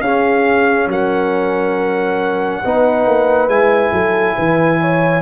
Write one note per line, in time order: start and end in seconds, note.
0.00 0.87 C#4
0.00 2.64 C#4
0.00 0.89 G#4
0.00 0.88 F5
0.87 2.61 F#3
0.87 2.63 A#4
0.87 3.49 F#5
2.63 3.06 B3
2.63 3.49 D#4
2.63 3.92 B4
3.06 3.47 A#3
3.47 3.91 G#3
3.47 5.21 E4
3.47 5.21 G#5
3.92 4.35 F#3
3.92 4.35 A4
4.36 5.21 E3
4.36 4.79 B4
4.80 5.21 C#5